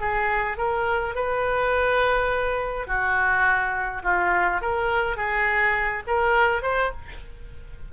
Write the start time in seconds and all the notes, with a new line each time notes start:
0.00 G#4
0.57 A#4
1.15 B4
2.87 F#4
4.03 F4
4.61 A#4
5.16 G#4
6.07 A#4
6.62 C5